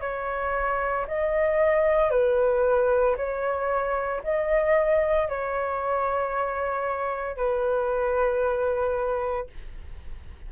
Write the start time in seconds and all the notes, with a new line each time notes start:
0.00 C#5
1.07 D#5
2.10 B4
3.16 C#5
4.23 D#5
5.28 C#5
7.36 B4